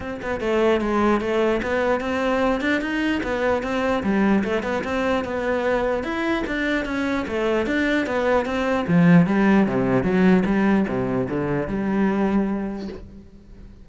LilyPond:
\new Staff \with { instrumentName = "cello" } { \time 4/4 \tempo 4 = 149 c'8 b8 a4 gis4 a4 | b4 c'4. d'8 dis'4 | b4 c'4 g4 a8 b8 | c'4 b2 e'4 |
d'4 cis'4 a4 d'4 | b4 c'4 f4 g4 | c4 fis4 g4 c4 | d4 g2. | }